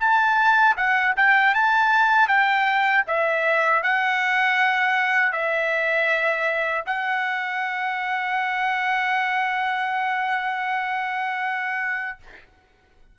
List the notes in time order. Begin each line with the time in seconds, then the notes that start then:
0.00 A5
0.77 F#5
1.16 G5
1.54 A5
2.28 G5
3.07 E5
3.83 F#5
5.32 E5
6.86 F#5